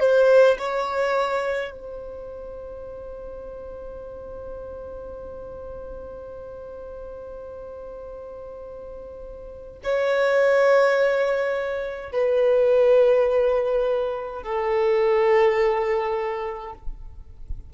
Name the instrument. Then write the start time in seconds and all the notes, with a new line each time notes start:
violin
0.00 C5
0.59 C#5
1.72 C5
9.84 C#5
12.12 B4
14.43 A4